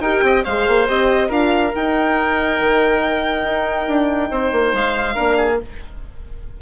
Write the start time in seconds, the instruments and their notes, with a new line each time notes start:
0.00 bassoon D#4, horn G4, oboe A#4, violin G5
0.22 bassoon C4, oboe D#5
0.44 bassoon G#3, horn G#4, oboe C5, violin F5
0.68 bassoon A#3
0.87 bassoon C4, horn G4, violin D#5
1.28 bassoon D4, horn F4, oboe A#4, violin F5
1.72 horn D#4, bassoon D#4, violin G5
2.59 bassoon D#3
3.43 bassoon D#4
3.87 bassoon D4
4.30 bassoon C4, oboe C5
4.52 bassoon A#3
4.73 bassoon G#3, violin F5
5.14 bassoon A#3, horn D4, oboe A#4
5.37 oboe G#4